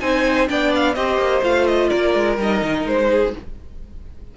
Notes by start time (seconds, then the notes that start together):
0.00 C4 D#4 C5 G#5
0.48 B3 D4 D5 G5
0.75 F5
0.94 C4 G4 C5 D#5
1.18 A#3
1.42 A3 F4 F5
1.67 D#5
1.89 A#3 A#4 D5
2.14 G#3
2.38 G3 D#4 D#5
2.62 D#3
2.85 G#3 C5
3.11 G#4